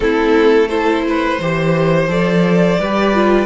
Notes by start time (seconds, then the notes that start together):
0.00 A3 C4 E4 A4
0.67 E4 A4 C5
1.08 B4
1.40 E3 G4 C5
2.08 F3 A4 D5
2.79 G3 G4 B4
3.14 F4